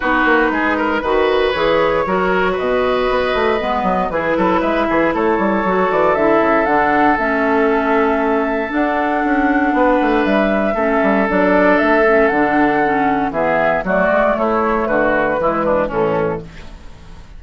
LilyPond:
<<
  \new Staff \with { instrumentName = "flute" } { \time 4/4 \tempo 4 = 117 b'2. cis''4~ | cis''4 dis''2. | b'4 e''4 cis''4. d''8 | e''4 fis''4 e''2~ |
e''4 fis''2. | e''2 d''4 e''4 | fis''2 e''4 d''4 | cis''4 b'2 a'4 | }
  \new Staff \with { instrumentName = "oboe" } { \time 4/4 fis'4 gis'8 ais'8 b'2 | ais'4 b'2. | gis'8 a'8 b'8 gis'8 a'2~ | a'1~ |
a'2. b'4~ | b'4 a'2.~ | a'2 gis'4 fis'4 | e'4 fis'4 e'8 d'8 cis'4 | }
  \new Staff \with { instrumentName = "clarinet" } { \time 4/4 dis'2 fis'4 gis'4 | fis'2. b4 | e'2. fis'4 | e'4 d'4 cis'2~ |
cis'4 d'2.~ | d'4 cis'4 d'4. cis'8 | d'4 cis'4 b4 a4~ | a2 gis4 e4 | }
  \new Staff \with { instrumentName = "bassoon" } { \time 4/4 b8 ais8 gis4 dis4 e4 | fis4 b,4 b8 a8 gis8 fis8 | e8 fis8 gis8 e8 a8 g8 fis8 e8 | d8 cis8 d4 a2~ |
a4 d'4 cis'4 b8 a8 | g4 a8 g8 fis4 a4 | d2 e4 fis8 gis8 | a4 d4 e4 a,4 | }
>>